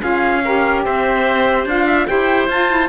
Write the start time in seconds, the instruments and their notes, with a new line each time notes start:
0.00 cello C#4, saxophone F4, oboe G#4, trumpet F5
0.44 saxophone G4, oboe A#4
0.84 cello C4, oboe C5, trumpet E5
1.65 cello D4, saxophone F4, trumpet F5
1.86 oboe E5
2.07 cello E4, saxophone G4, oboe C5, trumpet G5
2.48 cello F4, saxophone F4, trumpet A5
2.69 saxophone E4